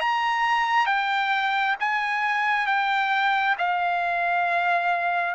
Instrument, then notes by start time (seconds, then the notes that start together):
trumpet
0.00 A#5
0.87 G5
1.80 G#5
2.67 G5
3.58 F5